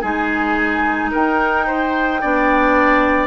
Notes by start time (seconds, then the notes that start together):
0.00 G#3 D#4 G#4 G#5
1.11 D#4 A#4 G5
1.66 C5
2.21 B3 D4 D5